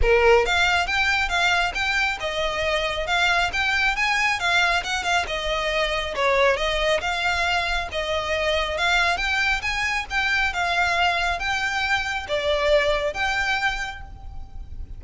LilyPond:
\new Staff \with { instrumentName = "violin" } { \time 4/4 \tempo 4 = 137 ais'4 f''4 g''4 f''4 | g''4 dis''2 f''4 | g''4 gis''4 f''4 fis''8 f''8 | dis''2 cis''4 dis''4 |
f''2 dis''2 | f''4 g''4 gis''4 g''4 | f''2 g''2 | d''2 g''2 | }